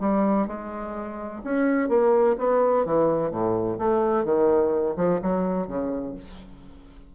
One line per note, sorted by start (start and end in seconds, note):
0.00 0.47 G3
0.47 1.42 G#3
1.44 1.89 C#4
1.89 2.36 A#3
2.38 2.85 B3
2.86 3.31 E3
3.31 3.78 A2
3.79 4.24 A3
4.24 4.95 D#3
4.96 5.20 F3
5.22 5.67 F#3
5.67 6.15 C#3